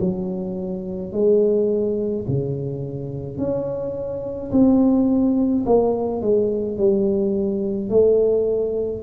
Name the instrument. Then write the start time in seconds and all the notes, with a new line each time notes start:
tuba
0.00 F#3
1.12 G#3
2.27 C#3
3.38 C#4
4.51 C4
5.66 A#3
6.21 G#3
6.77 G3
7.89 A3